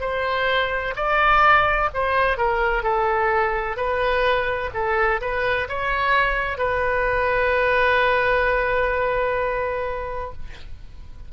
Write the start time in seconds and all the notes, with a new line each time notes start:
0.00 C5
0.95 D5
1.93 C5
2.37 A#4
2.83 A4
3.76 B4
4.73 A4
5.20 B4
5.68 C#5
6.57 B4